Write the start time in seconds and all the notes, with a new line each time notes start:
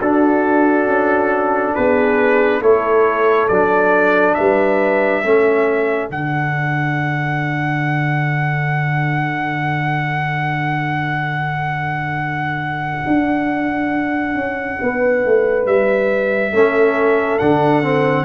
0.00 D4 F#4 A4
0.87 C#4
1.75 B3 G#4 B4
2.61 A3 E4 A4 C#5
3.49 F#3 D4 D5
4.35 G3 B4 E5
5.24 A3 C#4 A4
6.10 D3 D4 F#5
13.07 D4
14.35 C#4
14.82 B3 B4
15.26 A3
15.66 G3 E5
16.53 A3 C#4 A4
17.39 D3 D4 F#5
17.83 C4